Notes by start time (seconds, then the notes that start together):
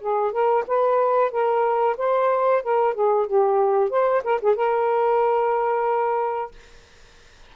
0.00 G#4
0.31 A#4
0.67 B4
1.31 A#4
1.97 C5
2.62 A#4
2.94 G#4
3.26 G4
3.90 C5
4.24 A#4
4.41 G#4
4.55 A#4